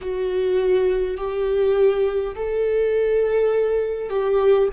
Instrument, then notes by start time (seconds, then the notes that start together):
viola
0.01 F#4
1.17 G4
2.35 A4
4.09 G4